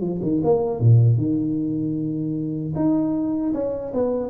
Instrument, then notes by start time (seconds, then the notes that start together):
tuba
0.00 F3
0.22 D#3
0.43 A#3
0.79 A#2
1.17 D#3
2.75 D#4
3.53 C#4
3.93 B3